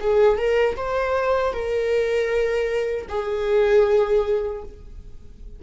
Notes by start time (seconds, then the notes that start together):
0.00 G#4
0.37 A#4
0.76 C5
1.52 A#4
3.08 G#4